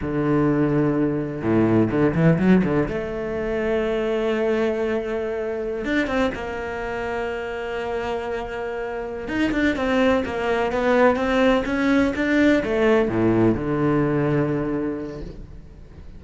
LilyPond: \new Staff \with { instrumentName = "cello" } { \time 4/4 \tempo 4 = 126 d2. a,4 | d8 e8 fis8 d8 a2~ | a1~ | a16 d'8 c'8 ais2~ ais8.~ |
ais2.~ ais8 dis'8 | d'8 c'4 ais4 b4 c'8~ | c'8 cis'4 d'4 a4 a,8~ | a,8 d2.~ d8 | }